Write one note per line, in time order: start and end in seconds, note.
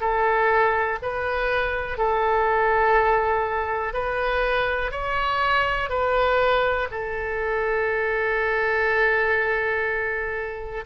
0.00 0.98 A4
1.01 1.97 B4
1.97 3.93 A4
3.93 4.91 B4
4.91 5.89 C#5
5.89 6.87 B4
6.91 10.84 A4